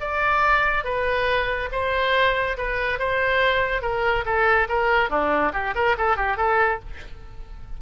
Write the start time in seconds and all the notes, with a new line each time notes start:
0.00 D5
0.84 B4
1.72 C5
2.57 B4
2.99 C5
3.82 A#4
4.25 A4
4.68 A#4
5.10 D4
5.53 G4
5.74 A#4
5.97 A4
6.16 G4
6.37 A4